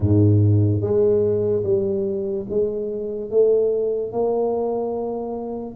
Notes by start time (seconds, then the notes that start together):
0.00 G#2
0.81 G#3
1.63 G3
2.49 G#3
3.30 A3
4.11 A#3